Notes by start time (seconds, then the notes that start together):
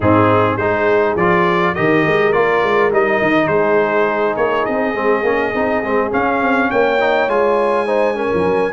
0.00 G#2 C4 D#4 G#4
0.56 G#3 D#4 G#4 C5
1.15 F3 F4 D5
1.74 D#3 G4 A#4 D#5
2.05 G#3
2.32 A#3 F4 D5
2.63 G#3
2.91 G3 D#4 D#5
3.21 D#3
3.47 G#3 G#4 C5
4.36 A#3 C#5
4.65 C4 D#5
4.94 G#3 C4
5.22 A#3 C#4
5.54 C4 D#4
5.83 G#3 C4
6.10 C#4 F5
6.41 C4
6.70 A#3 C#5 G5
7.00 D#4
7.27 G#3 F4 G#5
7.86 D#4 C5
8.15 C#4 A#4
8.34 F3
8.46 F#3